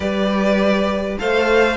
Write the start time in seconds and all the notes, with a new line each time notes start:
0.00 G3 G4 B4 D5
1.18 A3 A4 C5 F5